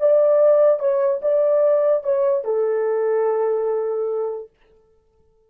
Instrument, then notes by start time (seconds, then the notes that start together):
horn
0.00 D5
0.80 C#5
1.22 D5
2.03 C#5
2.45 A4